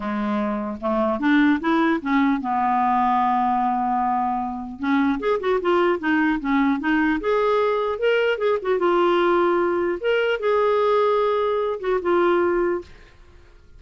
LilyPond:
\new Staff \with { instrumentName = "clarinet" } { \time 4/4 \tempo 4 = 150 gis2 a4 d'4 | e'4 cis'4 b2~ | b1 | cis'4 gis'8 fis'8 f'4 dis'4 |
cis'4 dis'4 gis'2 | ais'4 gis'8 fis'8 f'2~ | f'4 ais'4 gis'2~ | gis'4. fis'8 f'2 | }